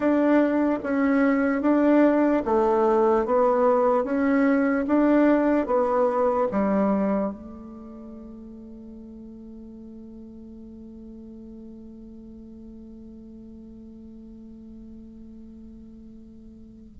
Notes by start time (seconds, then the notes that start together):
0.00 D4
0.83 C#4
1.61 D4
2.45 A3
3.25 B3
4.04 C#4
4.86 D4
5.66 B3
6.51 G3
7.32 A3